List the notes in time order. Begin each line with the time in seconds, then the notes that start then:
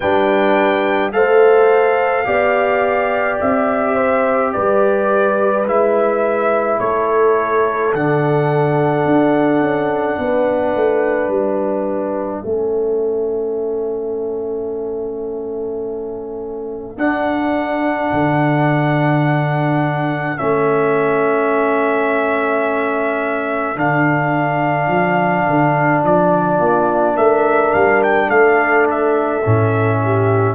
0.00 G3 D4 B4 G5
1.12 A3 A4 C5 F5
2.25 B3 G4 D5
3.40 C4 E5
3.95 C5
4.52 G3 B4 D5
5.65 G#3 E4 E5
6.79 A3 A4 C#5
7.93 D3 D4 F#5
9.05 D4
9.60 C#4
10.18 B3 B4
10.75 A3
11.28 G3 E5
12.44 A3 C#4 A4
16.97 D4 F#5
18.12 D3
20.36 A3 C#4 E5
23.75 D3 D4 F5
24.87 F3
25.49 D3
26.03 F3 D5
26.58 A#3 F4
27.15 A3 A#4 E5
27.73 G3 F5
28.03 G5
28.28 A3 A4 F5
28.90 E5
29.44 A2 C#4
30.04 G4